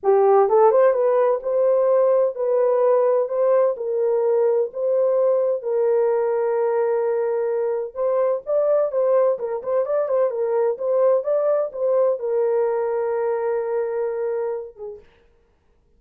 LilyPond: \new Staff \with { instrumentName = "horn" } { \time 4/4 \tempo 4 = 128 g'4 a'8 c''8 b'4 c''4~ | c''4 b'2 c''4 | ais'2 c''2 | ais'1~ |
ais'4 c''4 d''4 c''4 | ais'8 c''8 d''8 c''8 ais'4 c''4 | d''4 c''4 ais'2~ | ais'2.~ ais'8 gis'8 | }